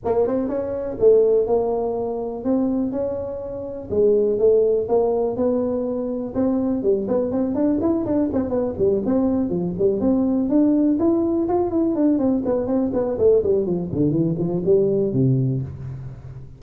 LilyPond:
\new Staff \with { instrumentName = "tuba" } { \time 4/4 \tempo 4 = 123 ais8 c'8 cis'4 a4 ais4~ | ais4 c'4 cis'2 | gis4 a4 ais4 b4~ | b4 c'4 g8 b8 c'8 d'8 |
e'8 d'8 c'8 b8 g8 c'4 f8 | g8 c'4 d'4 e'4 f'8 | e'8 d'8 c'8 b8 c'8 b8 a8 g8 | f8 d8 e8 f8 g4 c4 | }